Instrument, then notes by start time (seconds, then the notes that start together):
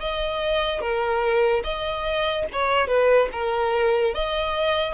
violin
0.00 D#5
0.81 A#4
1.63 D#5
2.52 C#5
2.87 B4
3.32 A#4
4.14 D#5